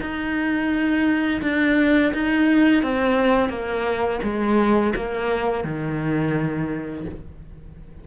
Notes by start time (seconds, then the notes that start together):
0.00 D#4
1.41 D4
2.13 D#4
2.82 C4
3.49 A#3
4.23 G#3
4.95 A#3
5.64 D#3